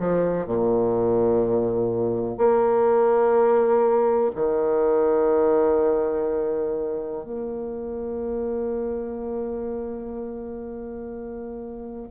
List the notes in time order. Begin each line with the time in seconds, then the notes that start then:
0.00 F3
0.47 A#2
2.38 A#3
4.36 D#3
7.24 A#3